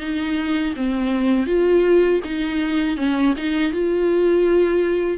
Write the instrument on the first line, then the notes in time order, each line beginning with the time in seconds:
viola
0.00 D#4
0.76 C4
1.46 F4
2.24 D#4
2.97 C#4
3.37 D#4
3.72 F4